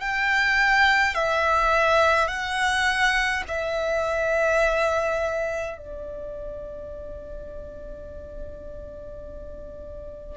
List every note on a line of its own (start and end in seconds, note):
0.00 1.15 G5
1.15 2.28 E5
2.28 3.43 F#5
3.48 5.77 E5
5.77 10.37 D5